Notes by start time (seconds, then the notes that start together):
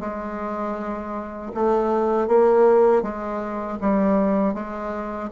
0.00 G#3
1.55 A3
2.28 A#3
3.02 G#3
3.81 G3
4.54 G#3